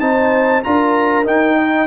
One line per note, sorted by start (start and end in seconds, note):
0.00 0.62 C4
0.00 0.63 D#4
0.00 0.63 C5
0.00 0.63 A5
0.64 1.26 D4
0.64 1.25 F4
0.64 1.57 A#4
0.64 1.26 A#5
1.25 1.87 D#4
1.25 1.87 G5
1.57 1.87 D#5